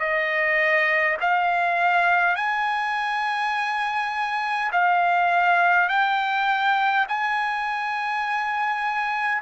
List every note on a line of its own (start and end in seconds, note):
0.00 1.18 D#5
1.21 2.36 F5
2.36 4.71 G#5
4.72 5.89 F5
5.89 7.07 G5
7.09 9.42 G#5